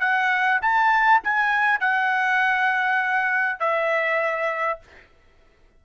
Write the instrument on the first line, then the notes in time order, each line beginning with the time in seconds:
trumpet
0.00 F#5
0.61 A5
1.24 G#5
1.80 F#5
3.60 E5